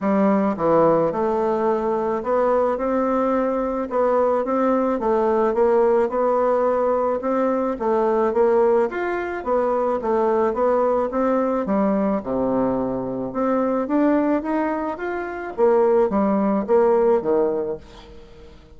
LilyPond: \new Staff \with { instrumentName = "bassoon" } { \time 4/4 \tempo 4 = 108 g4 e4 a2 | b4 c'2 b4 | c'4 a4 ais4 b4~ | b4 c'4 a4 ais4 |
f'4 b4 a4 b4 | c'4 g4 c2 | c'4 d'4 dis'4 f'4 | ais4 g4 ais4 dis4 | }